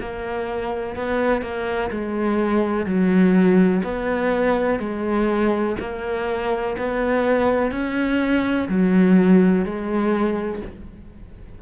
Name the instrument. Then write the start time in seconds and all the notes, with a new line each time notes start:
cello
0.00 A#3
0.95 B3
1.42 A#3
1.90 G#3
2.85 F#3
3.83 B3
4.79 G#3
5.80 A#3
6.77 B3
7.71 C#4
8.68 F#3
9.65 G#3